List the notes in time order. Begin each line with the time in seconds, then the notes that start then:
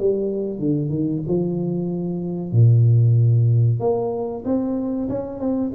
0.00 G3
0.59 D3
0.90 D#3
1.28 F3
2.52 A#2
3.80 A#3
4.45 C4
5.09 C#4
5.40 C4